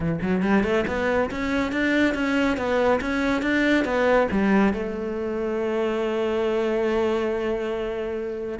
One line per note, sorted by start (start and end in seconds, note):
0.00 0.19 E3
0.21 0.42 F#3
0.42 0.63 G3
0.63 0.85 A3
0.87 1.30 B3
1.30 1.72 C#4
1.72 2.14 D4
2.14 2.57 C#4
2.57 3.00 B3
3.00 3.42 C#4
3.42 3.84 D4
3.84 4.27 B3
4.31 4.73 G3
4.73 8.59 A3